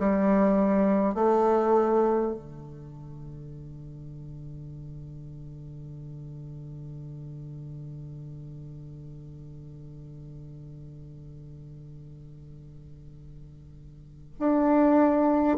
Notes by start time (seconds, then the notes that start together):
0.00 G3
1.15 A3
2.35 D3
14.40 D4